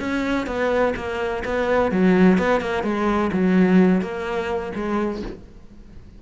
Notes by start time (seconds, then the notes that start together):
0.00 C#4
0.47 B3
0.96 A#3
1.45 B3
1.91 F#3
2.38 B3
2.61 A#3
2.83 G#3
3.32 F#3
4.01 A#3
4.75 G#3